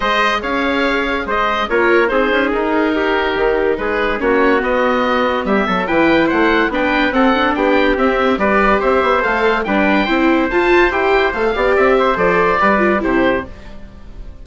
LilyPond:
<<
  \new Staff \with { instrumentName = "oboe" } { \time 4/4 \tempo 4 = 143 dis''4 f''2 dis''4 | cis''4 c''4 ais'2~ | ais'4 b'4 cis''4 dis''4~ | dis''4 e''4 g''4 fis''4 |
g''4 fis''4 g''4 e''4 | d''4 e''4 f''4 g''4~ | g''4 a''4 g''4 f''4 | e''4 d''2 c''4 | }
  \new Staff \with { instrumentName = "trumpet" } { \time 4/4 c''4 cis''2 c''4 | ais'4 gis'2 g'4~ | g'4 gis'4 fis'2~ | fis'4 g'8 a'8 b'4 c''4 |
b'4 a'4 g'2 | b'4 c''2 b'4 | c''2.~ c''8 d''8~ | d''8 c''4. b'4 g'4 | }
  \new Staff \with { instrumentName = "viola" } { \time 4/4 gis'1 | f'4 dis'2.~ | dis'2 cis'4 b4~ | b2 e'2 |
d'4 c'8 d'4. c'4 | g'2 a'4 d'4 | e'4 f'4 g'4 a'8 g'8~ | g'4 a'4 g'8 f'8 e'4 | }
  \new Staff \with { instrumentName = "bassoon" } { \time 4/4 gis4 cis'2 gis4 | ais4 c'8 cis'8 dis'2 | dis4 gis4 ais4 b4~ | b4 g8 fis8 e4 a4 |
b4 c'4 b4 c'4 | g4 c'8 b8 a4 g4 | c'4 f'4 e'4 a8 b8 | c'4 f4 g4 c4 | }
>>